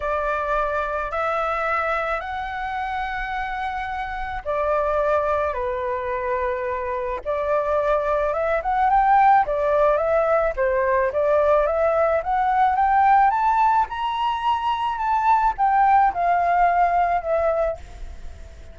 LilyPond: \new Staff \with { instrumentName = "flute" } { \time 4/4 \tempo 4 = 108 d''2 e''2 | fis''1 | d''2 b'2~ | b'4 d''2 e''8 fis''8 |
g''4 d''4 e''4 c''4 | d''4 e''4 fis''4 g''4 | a''4 ais''2 a''4 | g''4 f''2 e''4 | }